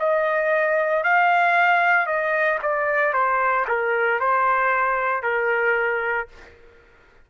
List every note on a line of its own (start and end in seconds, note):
0.00 1.04 D#5
1.04 2.07 F5
2.07 2.59 D#5
2.63 3.13 D5
3.13 3.66 C5
3.68 4.21 A#4
4.21 5.23 C5
5.23 6.28 A#4